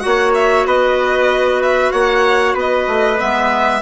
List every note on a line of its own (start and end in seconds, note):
0.00 0.66 A#3
0.00 3.16 F#4
0.00 0.67 C#5
0.00 0.32 F#5
0.35 0.66 E5
0.66 1.92 B3
0.66 1.92 B4
0.66 1.62 D#5
1.63 1.92 E5
1.92 2.55 A#3
1.92 2.55 C#5
1.92 2.56 F#5
2.55 2.86 B3
2.55 3.81 B4
2.55 3.20 D#5
2.88 3.19 A3
3.18 3.82 G#3
3.18 3.81 B3
3.18 3.82 E5